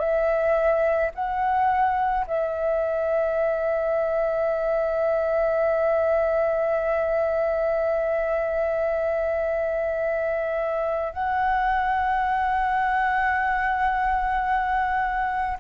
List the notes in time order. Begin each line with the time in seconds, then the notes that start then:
0.00 E5
1.15 F#5
2.27 E5
11.13 F#5